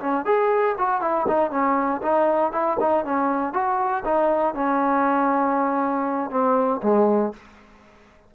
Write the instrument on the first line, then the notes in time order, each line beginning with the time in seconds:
trombone
0.00 C#4
0.25 G#4
0.78 F#4
1.02 E4
1.28 D#4
1.51 C#4
2.02 D#4
2.52 E4
2.80 D#4
3.05 C#4
3.54 F#4
4.05 D#4
4.55 C#4
6.30 C4
6.83 G#3